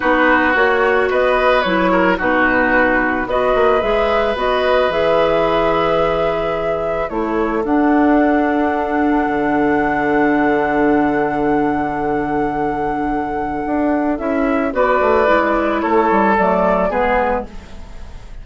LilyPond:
<<
  \new Staff \with { instrumentName = "flute" } { \time 4/4 \tempo 4 = 110 b'4 cis''4 dis''4 cis''4 | b'2 dis''4 e''4 | dis''4 e''2.~ | e''4 cis''4 fis''2~ |
fis''1~ | fis''1~ | fis''2 e''4 d''4~ | d''4 cis''4 d''4 b'4 | }
  \new Staff \with { instrumentName = "oboe" } { \time 4/4 fis'2 b'4. ais'8 | fis'2 b'2~ | b'1~ | b'4 a'2.~ |
a'1~ | a'1~ | a'2. b'4~ | b'4 a'2 gis'4 | }
  \new Staff \with { instrumentName = "clarinet" } { \time 4/4 dis'4 fis'2 e'4 | dis'2 fis'4 gis'4 | fis'4 gis'2.~ | gis'4 e'4 d'2~ |
d'1~ | d'1~ | d'2 e'4 fis'4 | e'2 a4 b4 | }
  \new Staff \with { instrumentName = "bassoon" } { \time 4/4 b4 ais4 b4 fis4 | b,2 b8 ais8 gis4 | b4 e2.~ | e4 a4 d'2~ |
d'4 d2.~ | d1~ | d4 d'4 cis'4 b8 a8 | gis4 a8 g8 fis4 gis4 | }
>>